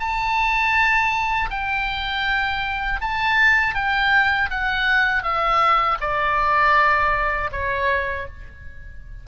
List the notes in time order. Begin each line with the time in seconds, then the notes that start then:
0.00 A5
1.51 G5
3.01 A5
3.75 G5
4.51 F#5
5.23 E5
6.01 D5
7.52 C#5